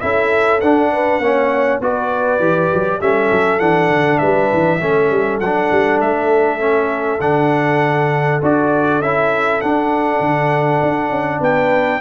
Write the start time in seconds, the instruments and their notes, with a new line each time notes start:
0.00 tuba C#4, trombone E4, horn A4, trumpet E5
0.61 tuba D4, trombone D4, trumpet F#5
0.92 horn B4
1.19 tuba A#3, trombone C#4, horn C#5
1.80 tuba B3, trombone F#4, horn B4, trumpet D5
2.39 tuba E3, trombone G4
2.74 tuba F#3
3.00 tuba G3, trombone C#4, horn A4, trumpet E5
3.31 tuba F#3
3.59 tuba E3, trombone D4, trumpet F#5
3.90 tuba D3
4.18 tuba G3, horn B4, trumpet E5
4.53 tuba E3
4.80 tuba A3, trombone C#4, horn A4
5.11 tuba G3
5.40 tuba F#3, trombone D4, trumpet F#5
5.71 tuba G3
6.00 tuba A3, trumpet E5
6.59 trombone C#4
7.20 tuba D3, trombone D4, trumpet F#5
8.42 tuba D4, trombone F#4, trumpet D5
9.01 tuba C#4, trombone E4, trumpet E5
9.61 trombone D4, tuba D4, trumpet F#5
10.20 tuba D3
10.82 tuba D4
11.09 tuba C#4
11.40 tuba B3, horn B4, trumpet G5